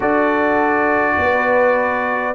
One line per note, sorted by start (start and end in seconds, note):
0.00 1.17 D4
0.00 2.34 F#4
0.00 1.15 A4
0.00 2.34 D5
1.18 2.34 B3
1.18 2.34 B4